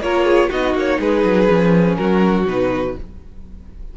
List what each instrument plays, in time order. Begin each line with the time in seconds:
0.00 cello A#3, viola F4, violin A#4 C#5
0.25 violin G#4
0.49 cello B3, viola D#4, violin F#4 D#5
0.74 cello A#3, violin C#5
1.00 cello G#3, violin G#4 B4
1.24 cello F#3
1.49 cello F3, viola C#4
1.95 cello F#3, violin F#4 A#4
2.46 cello B2, viola D#4, violin B4